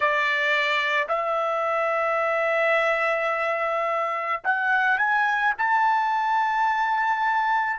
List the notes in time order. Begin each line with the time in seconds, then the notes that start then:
0.00 D5
1.08 E5
4.44 F#5
4.97 G#5
5.58 A5